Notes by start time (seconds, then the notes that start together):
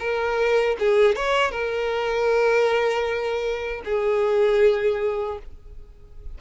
0.00 A#4
0.80 G#4
1.16 C#5
1.52 A#4
3.85 G#4